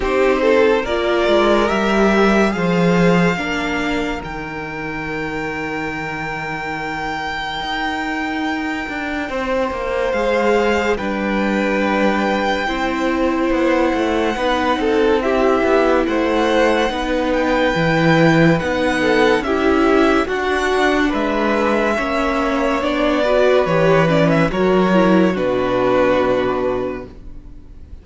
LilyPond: <<
  \new Staff \with { instrumentName = "violin" } { \time 4/4 \tempo 4 = 71 c''4 d''4 e''4 f''4~ | f''4 g''2.~ | g''1 | f''4 g''2. |
fis''2 e''4 fis''4~ | fis''8 g''4. fis''4 e''4 | fis''4 e''2 d''4 | cis''8 d''16 e''16 cis''4 b'2 | }
  \new Staff \with { instrumentName = "violin" } { \time 4/4 g'8 a'8 ais'2 c''4 | ais'1~ | ais'2. c''4~ | c''4 b'2 c''4~ |
c''4 b'8 a'8 g'4 c''4 | b'2~ b'8 a'8 g'4 | fis'4 b'4 cis''4. b'8~ | b'4 ais'4 fis'2 | }
  \new Staff \with { instrumentName = "viola" } { \time 4/4 dis'4 f'4 g'4 gis'4 | d'4 dis'2.~ | dis'1 | gis'4 d'2 e'4~ |
e'4 dis'4 e'2 | dis'4 e'4 dis'4 e'4 | d'2 cis'4 d'8 fis'8 | g'8 cis'8 fis'8 e'8 d'2 | }
  \new Staff \with { instrumentName = "cello" } { \time 4/4 c'4 ais8 gis8 g4 f4 | ais4 dis2.~ | dis4 dis'4. d'8 c'8 ais8 | gis4 g2 c'4 |
b8 a8 b8 c'4 b8 a4 | b4 e4 b4 cis'4 | d'4 gis4 ais4 b4 | e4 fis4 b,2 | }
>>